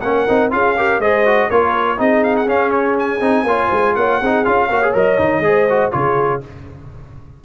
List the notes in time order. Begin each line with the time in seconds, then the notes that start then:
0.00 A#3 C#4 A#4 F#5
0.28 C4 D#4
0.50 C#4 F4 G#4 F5
0.76 G4 A#4
0.98 G#3 G#4 C5 D#5
1.26 F#4
1.50 A#3 F4 A#4 C#5
1.97 C4 D#4 G#4 D#5
2.23 F5
2.36 F#5
2.46 C#4 F5
2.71 C#5
2.98 G#5
3.20 C4 D#4
3.43 A#3 F4 C#5
3.67 G#3 C5
3.95 A#3 C#5 F#5
4.20 C4 D#4 G#4
4.44 C#4 F4 F5
4.69 A#3 F#4 C#5
4.82 G#4
4.94 F#3 A#4 D#5
5.18 D#3 D#4
5.39 G#3 G#4
5.46 C5
5.69 F#4
5.91 C#3 F4 G#4 C#5